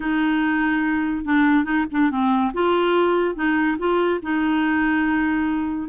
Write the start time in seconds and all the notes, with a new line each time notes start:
0.00 D#4
1.24 D4
1.64 D#4
1.91 D4
2.10 C4
2.53 F4
3.35 D#4
3.78 F4
4.22 D#4